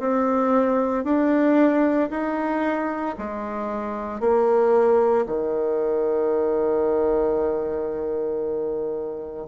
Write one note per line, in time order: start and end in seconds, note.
0.00 1.05 C4
1.05 2.10 D4
2.11 3.16 D#4
3.19 4.21 G#3
4.21 5.26 A#3
5.26 9.47 D#3